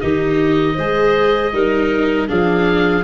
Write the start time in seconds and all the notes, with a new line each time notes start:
0.00 D#3 D#4 G4 D#5
0.74 G#3 G#4 C5
1.52 G3 D#4 A#4
2.27 F3 D4 G#4 F5